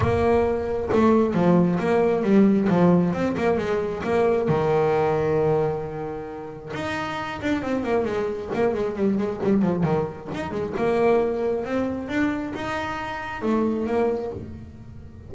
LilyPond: \new Staff \with { instrumentName = "double bass" } { \time 4/4 \tempo 4 = 134 ais2 a4 f4 | ais4 g4 f4 c'8 ais8 | gis4 ais4 dis2~ | dis2. dis'4~ |
dis'8 d'8 c'8 ais8 gis4 ais8 gis8 | g8 gis8 g8 f8 dis4 dis'8 gis8 | ais2 c'4 d'4 | dis'2 a4 ais4 | }